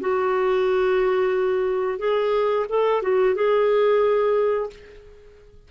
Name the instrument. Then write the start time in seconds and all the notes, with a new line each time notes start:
clarinet
0.00 F#4
1.99 G#4
2.69 A4
3.02 F#4
3.35 G#4